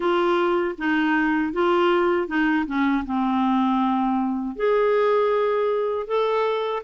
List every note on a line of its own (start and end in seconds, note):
0.00 0.75 F4
0.78 1.52 D#4
1.52 2.27 F4
2.27 2.65 D#4
2.66 3.04 C#4
3.06 4.56 C4
4.56 6.07 G#4
6.07 6.83 A4